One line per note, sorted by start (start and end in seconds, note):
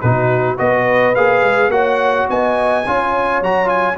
0.00 0.59 B2
0.00 0.57 D#4
0.00 0.58 F#4
0.00 0.57 B4
0.57 1.15 B3
0.57 1.14 F#4
0.57 1.72 B4
0.57 1.14 D#5
1.14 1.42 A#3
1.14 1.71 G#4
1.14 1.71 F5
1.42 1.68 G#3
1.68 2.25 A#3
1.68 2.84 F#4
1.68 2.28 C#5
1.68 2.27 F#5
2.29 2.86 B3
2.29 2.87 D#5
2.29 3.42 G#5
2.86 3.41 C#4
2.86 3.43 F4
2.86 3.98 C#5
3.41 3.97 F#3
3.41 3.65 F#4
3.41 3.68 A#5
3.65 3.93 F4
3.65 3.97 G#5